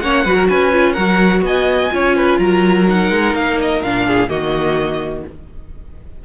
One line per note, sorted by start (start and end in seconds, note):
0.00 0.25 A#3
0.00 0.27 C#4
0.00 0.25 C#5
0.00 0.48 F#5
0.25 0.49 F#3
0.25 0.72 F#4
0.25 0.36 B4
0.36 0.48 A#4
0.49 0.97 C#4
0.49 0.93 B4
0.49 0.93 G#5
0.72 0.96 F4
0.93 1.42 F#3
0.93 1.91 F#4
0.93 1.41 A#4
0.93 1.41 F#5
1.42 1.90 B3
1.42 1.94 D#5
1.42 2.39 G#5
1.91 2.39 C#4
1.91 2.86 F4
1.91 2.17 C#5
2.17 2.40 B4
2.39 3.10 F#3
2.39 4.06 A#4
2.39 2.87 A#5
2.87 3.83 D#4
2.87 3.35 F#5
3.11 3.34 G#3
3.34 3.82 A#3
3.34 3.59 F5
3.61 3.83 D#5
3.83 4.29 A#2
3.83 4.29 D4
3.83 4.29 F5
4.06 4.30 G#4
4.29 5.24 D#3
4.29 5.24 A#3
4.29 5.25 F#4
4.29 5.25 D#5